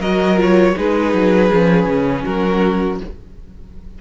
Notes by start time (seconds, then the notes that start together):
0.00 F#3 F#4 A#4 D#5
0.37 F4 C#5
0.77 G#3 D#4 G#4 B4
1.14 F#3
1.52 F3 C#4
1.87 C#3
2.25 F#3 F#4 A#4